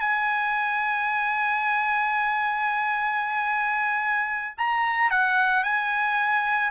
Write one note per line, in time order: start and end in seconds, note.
0.00 4.55 G#5
4.58 5.11 A#5
5.11 5.64 F#5
5.64 6.71 G#5